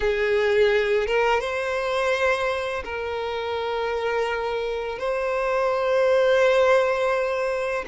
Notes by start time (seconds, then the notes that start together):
0.00 G#4
1.06 A#4
1.40 C5
2.84 A#4
4.98 C5